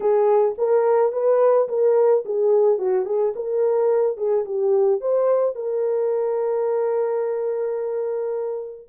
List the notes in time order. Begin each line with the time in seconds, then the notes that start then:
0.00 G#4
0.58 A#4
1.12 B4
1.68 A#4
2.25 G#4
2.78 F#4
3.05 G#4
3.35 A#4
4.17 G#4
4.45 G4
5.00 C5
5.55 A#4